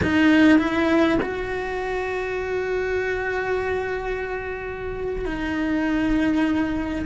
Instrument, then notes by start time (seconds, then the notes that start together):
cello
0.02 D#4
0.58 E4
1.22 F#4
5.25 D#4